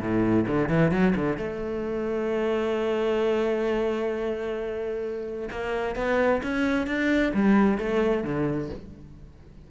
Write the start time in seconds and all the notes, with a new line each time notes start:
0.00 A2
0.46 D3
0.69 E3
0.91 F#3
1.15 D3
1.37 A3
5.50 A#3
5.95 B3
6.43 C#4
6.87 D4
7.33 G3
7.78 A3
8.24 D3